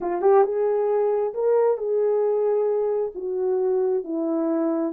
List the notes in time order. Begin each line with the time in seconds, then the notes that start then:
0.00 F4
0.21 G4
0.44 G#4
1.34 A#4
1.77 G#4
3.14 F#4
4.04 E4